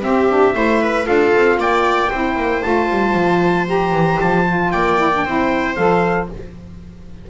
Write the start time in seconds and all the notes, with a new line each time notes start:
0.00 C4 G4 E5
0.28 D4
0.53 A3 E4 C5
0.81 B4
1.03 D4 F4 A4 F5
1.35 C4
1.57 A#3 D5 G5
2.09 C4 E4 C5
2.36 A#3
2.62 A3 F4 A5
2.90 G3
3.14 F3
3.66 G4 A#5
3.92 E3
4.20 F3 A5
4.47 F4
4.71 A#3 D5 G5
4.97 E4
5.13 D4
5.24 C4 E4 C5
5.75 F3 A4 F5